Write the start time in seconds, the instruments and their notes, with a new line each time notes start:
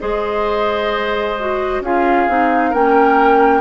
0.00 bassoon G#3, clarinet G#4, oboe C5, flute D#5
1.39 clarinet F#4
1.81 bassoon C#4, clarinet F4, oboe G#4, flute F5
2.29 bassoon C4, clarinet D#4
2.70 bassoon A#3, clarinet C#4, oboe A#4, flute G5